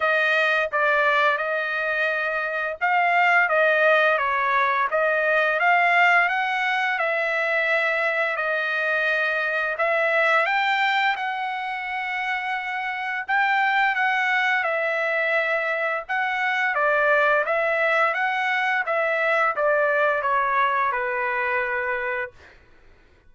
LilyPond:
\new Staff \with { instrumentName = "trumpet" } { \time 4/4 \tempo 4 = 86 dis''4 d''4 dis''2 | f''4 dis''4 cis''4 dis''4 | f''4 fis''4 e''2 | dis''2 e''4 g''4 |
fis''2. g''4 | fis''4 e''2 fis''4 | d''4 e''4 fis''4 e''4 | d''4 cis''4 b'2 | }